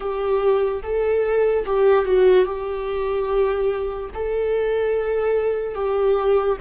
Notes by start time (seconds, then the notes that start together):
0.00 G4
0.83 A4
1.66 G4
2.05 F#4
2.45 G4
4.14 A4
5.75 G4